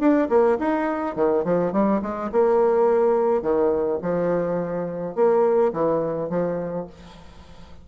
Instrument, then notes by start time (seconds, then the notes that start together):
bassoon
0.00 D4
0.30 A#3
0.59 D#4
1.16 D#3
1.45 F3
1.73 G3
2.02 G#3
2.32 A#3
3.42 D#3
4.02 F3
5.16 A#3
5.73 E3
6.30 F3